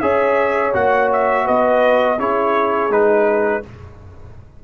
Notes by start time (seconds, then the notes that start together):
0.00 C#4 G#4 C#5 E5
0.73 A#3 F#4 F#5
1.13 E5
1.45 B3 B4 D#5
2.19 C#4 E4 G#4 C#5
2.89 G#3 D#4 B4